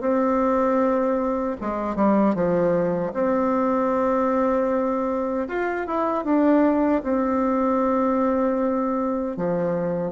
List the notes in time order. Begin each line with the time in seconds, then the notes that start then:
0.00 C4
1.60 G#3
1.96 G3
2.34 F3
3.13 C4
5.48 F4
5.87 E4
6.24 D4
7.03 C4
9.36 F3